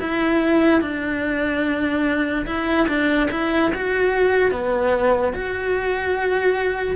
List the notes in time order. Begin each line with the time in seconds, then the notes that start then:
0.00 E4
0.81 D4
2.46 E4
2.88 D4
3.31 E4
3.74 F#4
4.51 B3
5.33 F#4